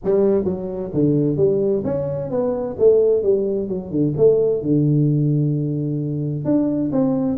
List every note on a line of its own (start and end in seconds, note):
0.03 0.44 G3
0.44 0.90 F#3
0.93 1.37 D3
1.37 1.83 G3
1.84 2.30 C#4
2.30 2.76 B3
2.79 3.23 A3
3.23 3.68 G3
3.68 3.90 F#3
3.90 4.13 D3
4.16 4.62 A3
4.62 6.44 D3
6.44 6.90 D4
6.92 7.38 C4